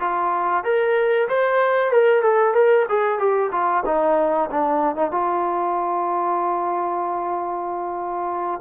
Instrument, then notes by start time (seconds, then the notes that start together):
trombone
0.00 F4
0.64 A#4
1.28 C5
1.91 A#4
2.22 A4
2.54 A#4
2.89 G#4
3.19 G4
3.52 F4
3.86 D#4
4.51 D4
4.96 D#4
5.11 F4